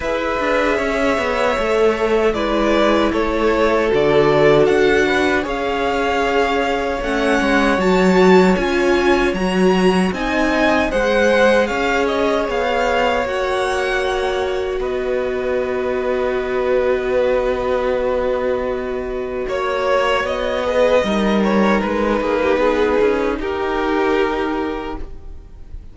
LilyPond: <<
  \new Staff \with { instrumentName = "violin" } { \time 4/4 \tempo 4 = 77 e''2. d''4 | cis''4 d''4 fis''4 f''4~ | f''4 fis''4 a''4 gis''4 | ais''4 gis''4 fis''4 f''8 dis''8 |
f''4 fis''2 dis''4~ | dis''1~ | dis''4 cis''4 dis''4. cis''8 | b'2 ais'2 | }
  \new Staff \with { instrumentName = "violin" } { \time 4/4 b'4 cis''2 b'4 | a'2~ a'8 b'8 cis''4~ | cis''1~ | cis''4 dis''4 c''4 cis''4~ |
cis''2. b'4~ | b'1~ | b'4 cis''4. b'8 ais'4~ | ais'8 gis'16 g'16 gis'4 g'2 | }
  \new Staff \with { instrumentName = "viola" } { \time 4/4 gis'2 a'4 e'4~ | e'4 fis'2 gis'4~ | gis'4 cis'4 fis'4 f'4 | fis'4 dis'4 gis'2~ |
gis'4 fis'2.~ | fis'1~ | fis'2~ fis'8 gis'8 dis'4~ | dis'1 | }
  \new Staff \with { instrumentName = "cello" } { \time 4/4 e'8 d'8 cis'8 b8 a4 gis4 | a4 d4 d'4 cis'4~ | cis'4 a8 gis8 fis4 cis'4 | fis4 c'4 gis4 cis'4 |
b4 ais2 b4~ | b1~ | b4 ais4 b4 g4 | gis8 ais8 b8 cis'8 dis'2 | }
>>